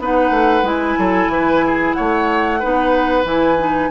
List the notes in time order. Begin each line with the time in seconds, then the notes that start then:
0.00 B3 D#4 B4 F#5
0.31 A3
0.63 G#3 E4 G#5
0.99 F#3 A4
1.28 E3 B4
1.67 G#4
1.94 A3 C#5 F#5
2.60 B3 D#4 B4
3.24 E3 E4 G#5
3.59 D#4